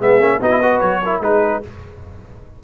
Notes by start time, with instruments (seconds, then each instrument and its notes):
0.00 tuba G#3, trombone B3, horn G#4, trumpet E5
0.19 tuba A#3, trombone C#4
0.41 tuba B3, trombone D#4, horn F#4, trumpet D#5
0.51 trombone E4
0.61 trombone F#4, horn B4
0.80 tuba F#3, trumpet C#5
1.03 trombone E4, horn A#4
1.21 tuba G#3, trombone D#4, horn G#4, trumpet B4